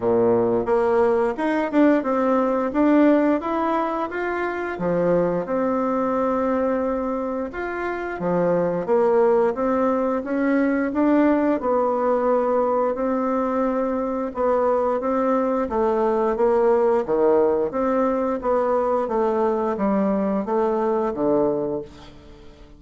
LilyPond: \new Staff \with { instrumentName = "bassoon" } { \time 4/4 \tempo 4 = 88 ais,4 ais4 dis'8 d'8 c'4 | d'4 e'4 f'4 f4 | c'2. f'4 | f4 ais4 c'4 cis'4 |
d'4 b2 c'4~ | c'4 b4 c'4 a4 | ais4 dis4 c'4 b4 | a4 g4 a4 d4 | }